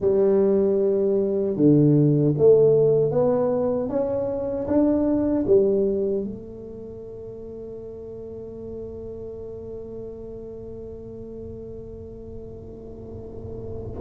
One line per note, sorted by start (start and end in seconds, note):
0.00 1.56 G3
1.56 2.34 D3
2.37 3.11 A3
3.11 3.89 B3
3.89 4.66 C#4
4.67 5.45 D4
5.47 6.24 G3
6.24 14.00 A3